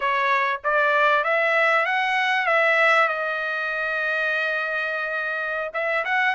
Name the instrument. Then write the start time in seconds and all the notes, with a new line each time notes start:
trumpet
0.00 C#5
0.64 D5
1.23 E5
1.85 F#5
2.46 E5
3.08 D#5
5.73 E5
6.04 F#5